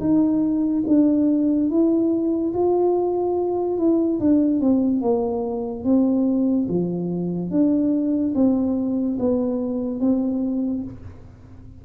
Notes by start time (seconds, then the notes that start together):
0.00 D#4
0.87 D4
1.70 E4
2.53 F4
3.77 E4
4.19 D4
4.60 C4
5.01 A#3
5.84 C4
6.68 F3
7.50 D4
8.34 C4
9.19 B3
10.00 C4